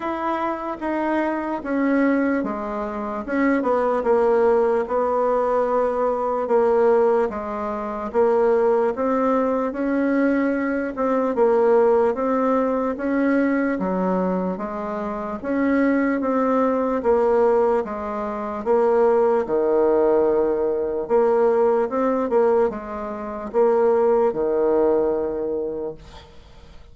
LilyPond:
\new Staff \with { instrumentName = "bassoon" } { \time 4/4 \tempo 4 = 74 e'4 dis'4 cis'4 gis4 | cis'8 b8 ais4 b2 | ais4 gis4 ais4 c'4 | cis'4. c'8 ais4 c'4 |
cis'4 fis4 gis4 cis'4 | c'4 ais4 gis4 ais4 | dis2 ais4 c'8 ais8 | gis4 ais4 dis2 | }